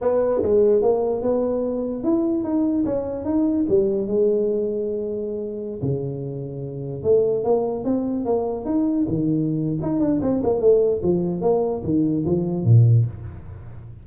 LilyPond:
\new Staff \with { instrumentName = "tuba" } { \time 4/4 \tempo 4 = 147 b4 gis4 ais4 b4~ | b4 e'4 dis'4 cis'4 | dis'4 g4 gis2~ | gis2~ gis16 cis4.~ cis16~ |
cis4~ cis16 a4 ais4 c'8.~ | c'16 ais4 dis'4 dis4.~ dis16 | dis'8 d'8 c'8 ais8 a4 f4 | ais4 dis4 f4 ais,4 | }